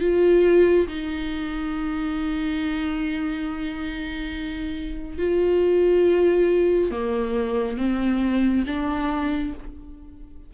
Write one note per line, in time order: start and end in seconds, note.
0.00 0.87 F4
0.88 5.18 D#4
5.18 6.91 F4
6.91 7.77 A#3
7.77 8.64 C4
8.67 9.54 D4